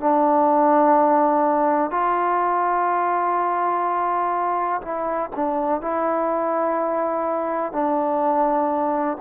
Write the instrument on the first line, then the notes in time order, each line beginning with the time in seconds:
trombone
0.00 D4
1.91 F4
4.81 E4
5.36 D4
5.81 E4
7.72 D4